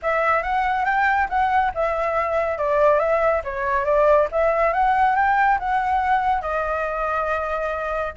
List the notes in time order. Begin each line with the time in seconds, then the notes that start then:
0.02 E5
0.42 F#5
0.85 G5
1.29 F#5
1.74 E5
2.58 D5
2.99 E5
3.44 C#5
3.85 D5
4.31 E5
4.73 F#5
5.15 G5
5.59 F#5
6.41 D#5